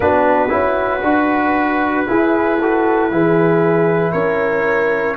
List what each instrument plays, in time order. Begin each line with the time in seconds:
0.00 tuba B3, trombone D4, horn F#4, trumpet B4
0.48 tuba C#4, trombone E4
1.02 tuba D4, trombone F#4
2.06 trombone E4, tuba E4, horn G#4
2.60 trombone F#4, horn A4
3.11 tuba E3, trombone E4, horn G#4
4.12 tuba C#4, horn A#4, trumpet C#5